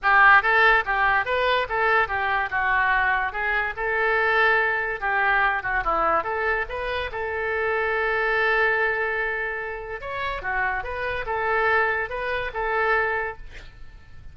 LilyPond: \new Staff \with { instrumentName = "oboe" } { \time 4/4 \tempo 4 = 144 g'4 a'4 g'4 b'4 | a'4 g'4 fis'2 | gis'4 a'2. | g'4. fis'8 e'4 a'4 |
b'4 a'2.~ | a'1 | cis''4 fis'4 b'4 a'4~ | a'4 b'4 a'2 | }